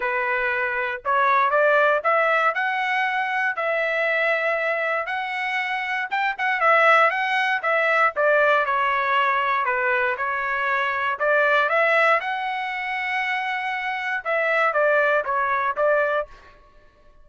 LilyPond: \new Staff \with { instrumentName = "trumpet" } { \time 4/4 \tempo 4 = 118 b'2 cis''4 d''4 | e''4 fis''2 e''4~ | e''2 fis''2 | g''8 fis''8 e''4 fis''4 e''4 |
d''4 cis''2 b'4 | cis''2 d''4 e''4 | fis''1 | e''4 d''4 cis''4 d''4 | }